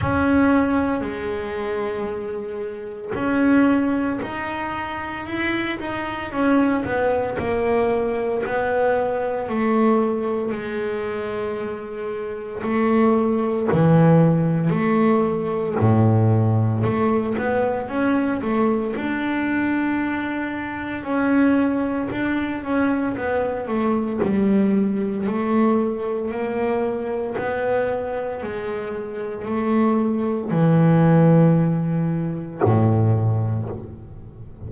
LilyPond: \new Staff \with { instrumentName = "double bass" } { \time 4/4 \tempo 4 = 57 cis'4 gis2 cis'4 | dis'4 e'8 dis'8 cis'8 b8 ais4 | b4 a4 gis2 | a4 e4 a4 a,4 |
a8 b8 cis'8 a8 d'2 | cis'4 d'8 cis'8 b8 a8 g4 | a4 ais4 b4 gis4 | a4 e2 a,4 | }